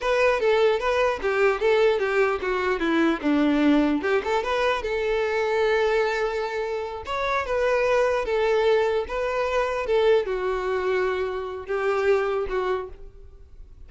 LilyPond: \new Staff \with { instrumentName = "violin" } { \time 4/4 \tempo 4 = 149 b'4 a'4 b'4 g'4 | a'4 g'4 fis'4 e'4 | d'2 g'8 a'8 b'4 | a'1~ |
a'4. cis''4 b'4.~ | b'8 a'2 b'4.~ | b'8 a'4 fis'2~ fis'8~ | fis'4 g'2 fis'4 | }